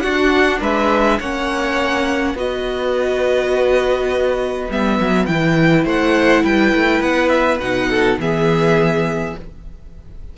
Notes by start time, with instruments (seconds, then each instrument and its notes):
0.00 cello D4, viola D4, violin F#4 F#5
0.60 cello G#3, violin B4 E5
1.20 cello A#3, viola C#4, violin C#5 F#5
2.34 cello B3, viola F#4, violin B4 D#5
4.70 cello G3, viola B3, violin E5
5.00 cello F#3
5.26 cello E3, viola E4, violin G5
5.85 cello A3, violin C5 F#5
6.43 cello G3, violin B4 G5
6.74 cello A3
7.00 cello B3, violin F#5
7.28 violin E5
7.60 cello B2, viola D#4, violin F#5
7.90 violin A4
8.18 cello E3, viola B3, violin G#4 E5